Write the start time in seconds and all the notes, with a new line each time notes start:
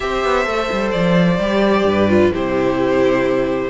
0.00 C4 G4 C5 E5
0.24 B3
0.44 A3 A4
0.71 G3
0.91 F3 D5
1.39 G3 G4
1.84 G2 B4
2.09 F4
2.31 C3 E4 G4 C5